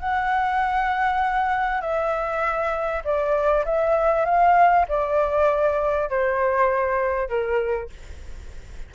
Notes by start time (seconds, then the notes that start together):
0.00 F#5
1.82 E5
3.05 D5
3.66 E5
4.26 F5
4.89 D5
6.10 C5
7.29 A#4